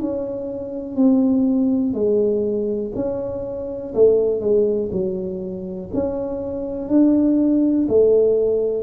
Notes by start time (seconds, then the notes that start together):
0.00 C#4
0.95 C4
1.94 G#3
2.95 C#4
3.94 A3
4.40 G#3
4.92 F#3
5.93 C#4
6.89 D4
7.88 A3